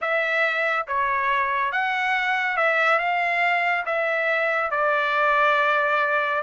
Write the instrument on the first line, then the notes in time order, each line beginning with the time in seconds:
trumpet
0.01 E5
0.87 C#5
1.71 F#5
2.57 E5
2.99 F5
3.85 E5
4.70 D5